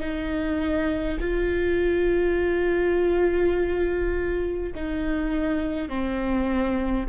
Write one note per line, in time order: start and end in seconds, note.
0.00 1.18 D#4
1.20 4.73 F4
4.75 5.88 D#4
5.88 7.06 C4